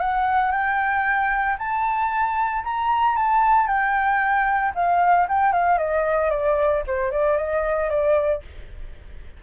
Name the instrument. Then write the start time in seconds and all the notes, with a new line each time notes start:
flute
0.00 F#5
0.52 G5
1.59 A5
2.64 A#5
3.16 A5
3.67 G5
4.75 F5
5.29 G5
5.53 F5
5.78 D#5
6.30 D5
6.87 C5
7.11 D5
7.37 D#5
7.90 D5